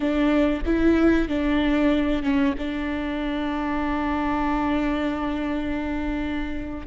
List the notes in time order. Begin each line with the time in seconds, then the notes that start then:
0.00 D4
0.65 E4
1.28 D4
2.22 C#4
2.57 D4